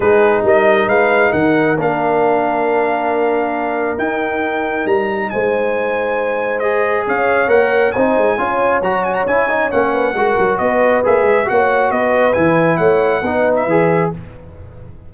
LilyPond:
<<
  \new Staff \with { instrumentName = "trumpet" } { \time 4/4 \tempo 4 = 136 b'4 dis''4 f''4 fis''4 | f''1~ | f''4 g''2 ais''4 | gis''2. dis''4 |
f''4 fis''4 gis''2 | ais''8 gis''16 ais''16 gis''4 fis''2 | dis''4 e''4 fis''4 dis''4 | gis''4 fis''4.~ fis''16 e''4~ e''16 | }
  \new Staff \with { instrumentName = "horn" } { \time 4/4 gis'4 ais'4 b'4 ais'4~ | ais'1~ | ais'1 | c''1 |
cis''2 c''4 cis''4~ | cis''2~ cis''8 b'8 ais'4 | b'2 cis''4 b'4~ | b'4 cis''4 b'2 | }
  \new Staff \with { instrumentName = "trombone" } { \time 4/4 dis'1 | d'1~ | d'4 dis'2.~ | dis'2. gis'4~ |
gis'4 ais'4 dis'4 f'4 | fis'4 e'8 dis'8 cis'4 fis'4~ | fis'4 gis'4 fis'2 | e'2 dis'4 gis'4 | }
  \new Staff \with { instrumentName = "tuba" } { \time 4/4 gis4 g4 gis4 dis4 | ais1~ | ais4 dis'2 g4 | gis1 |
cis'4 ais4 c'8 gis8 cis'4 | fis4 cis'4 ais4 gis8 fis8 | b4 ais8 gis8 ais4 b4 | e4 a4 b4 e4 | }
>>